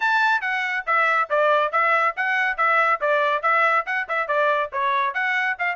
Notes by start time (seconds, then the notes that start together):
0.00 A5
0.41 F#5
0.86 E5
1.29 D5
1.72 E5
2.16 F#5
2.57 E5
3.00 D5
3.42 E5
3.86 F#5
4.08 E5
4.27 D5
4.72 C#5
5.14 F#5
5.58 F5